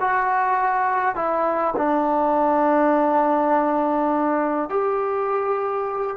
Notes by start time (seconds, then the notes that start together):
0.00 F#4
1.16 E4
1.77 D4
4.70 G4